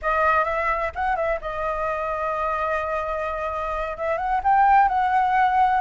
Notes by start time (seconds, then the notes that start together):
0.01 D#5
0.44 E5
0.95 F#5
1.15 E5
1.41 D#5
3.97 E5
4.17 F#5
4.43 G5
4.88 F#5